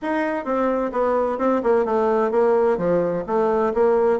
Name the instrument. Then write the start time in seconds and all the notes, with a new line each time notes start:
bassoon
0.01 D#4
0.44 C4
0.92 B3
1.38 C4
1.63 A#3
1.85 A3
2.31 A#3
2.77 F3
3.26 A3
3.73 A#3